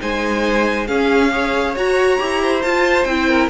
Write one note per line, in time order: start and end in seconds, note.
0.00 0.89 G#3
0.00 0.88 D#4
0.00 0.88 C5
0.00 0.87 G#5
0.87 1.32 C#4
0.87 1.76 C#4
0.87 1.32 G#4
0.87 1.75 F5
1.32 1.76 G#4
1.32 2.43 C#5
1.76 2.18 F#4
1.76 2.20 F#4
1.76 2.63 A#5
2.18 2.65 E4
2.18 2.62 G4
2.43 3.29 C5
2.63 3.07 F4
2.63 3.05 F4
2.63 3.05 A5
3.05 3.49 C4
3.05 3.50 E4
3.05 3.49 G5
3.29 3.50 A#4